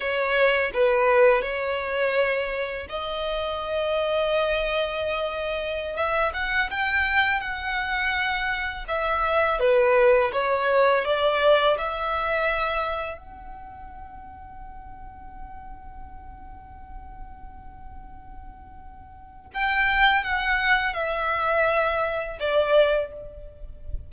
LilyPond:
\new Staff \with { instrumentName = "violin" } { \time 4/4 \tempo 4 = 83 cis''4 b'4 cis''2 | dis''1~ | dis''16 e''8 fis''8 g''4 fis''4.~ fis''16~ | fis''16 e''4 b'4 cis''4 d''8.~ |
d''16 e''2 fis''4.~ fis''16~ | fis''1~ | fis''2. g''4 | fis''4 e''2 d''4 | }